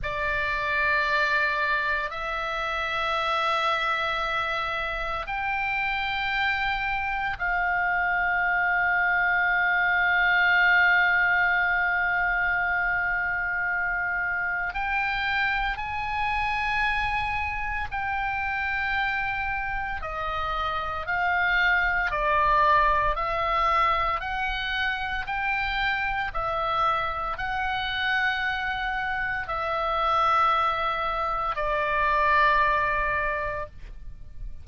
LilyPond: \new Staff \with { instrumentName = "oboe" } { \time 4/4 \tempo 4 = 57 d''2 e''2~ | e''4 g''2 f''4~ | f''1~ | f''2 g''4 gis''4~ |
gis''4 g''2 dis''4 | f''4 d''4 e''4 fis''4 | g''4 e''4 fis''2 | e''2 d''2 | }